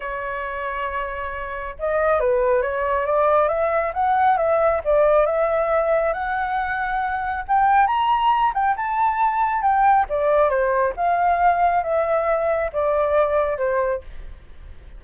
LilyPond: \new Staff \with { instrumentName = "flute" } { \time 4/4 \tempo 4 = 137 cis''1 | dis''4 b'4 cis''4 d''4 | e''4 fis''4 e''4 d''4 | e''2 fis''2~ |
fis''4 g''4 ais''4. g''8 | a''2 g''4 d''4 | c''4 f''2 e''4~ | e''4 d''2 c''4 | }